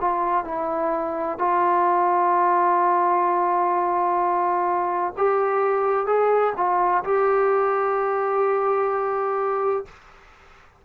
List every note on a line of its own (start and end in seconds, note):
0.00 0.44 F4
0.44 1.38 E4
1.38 5.13 F4
5.17 6.06 G4
6.06 6.53 G#4
6.57 7.04 F4
7.04 9.85 G4